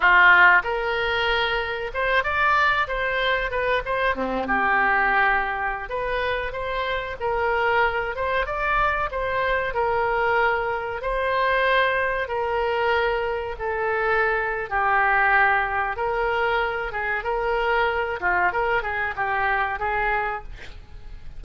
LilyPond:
\new Staff \with { instrumentName = "oboe" } { \time 4/4 \tempo 4 = 94 f'4 ais'2 c''8 d''8~ | d''8 c''4 b'8 c''8 c'8 g'4~ | g'4~ g'16 b'4 c''4 ais'8.~ | ais'8. c''8 d''4 c''4 ais'8.~ |
ais'4~ ais'16 c''2 ais'8.~ | ais'4~ ais'16 a'4.~ a'16 g'4~ | g'4 ais'4. gis'8 ais'4~ | ais'8 f'8 ais'8 gis'8 g'4 gis'4 | }